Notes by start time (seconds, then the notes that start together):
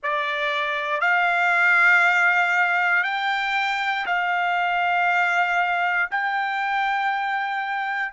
0.02 D5
1.00 F5
3.03 G5
4.05 F5
6.11 G5